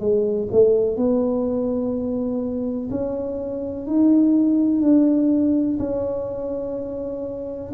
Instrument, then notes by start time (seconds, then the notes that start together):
tuba
0.00 G#3
0.52 A3
0.97 B3
2.91 C#4
3.87 D#4
4.82 D4
5.79 C#4